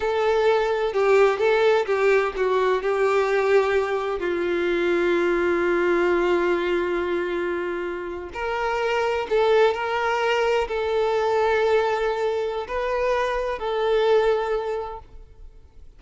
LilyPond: \new Staff \with { instrumentName = "violin" } { \time 4/4 \tempo 4 = 128 a'2 g'4 a'4 | g'4 fis'4 g'2~ | g'4 f'2.~ | f'1~ |
f'4.~ f'16 ais'2 a'16~ | a'8. ais'2 a'4~ a'16~ | a'2. b'4~ | b'4 a'2. | }